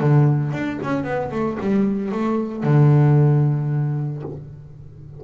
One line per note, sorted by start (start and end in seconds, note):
0.00 0.53 D3
0.53 0.79 D4
0.83 1.04 C#4
1.04 1.31 B3
1.32 1.58 A3
1.60 2.12 G3
2.12 2.64 A3
2.64 4.23 D3